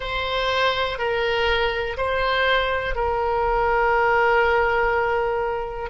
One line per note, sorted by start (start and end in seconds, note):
0.00 0.98 C5
0.98 1.97 A#4
1.97 2.95 C5
2.95 5.89 A#4